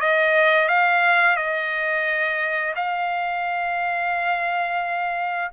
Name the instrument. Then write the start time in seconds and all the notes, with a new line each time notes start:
trumpet
0.00 D#5
0.68 F5
1.36 D#5
2.75 F5